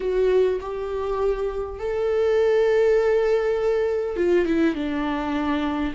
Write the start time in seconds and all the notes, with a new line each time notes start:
0.00 F#4
0.60 G4
1.79 A4
4.16 F4
4.45 E4
4.74 D4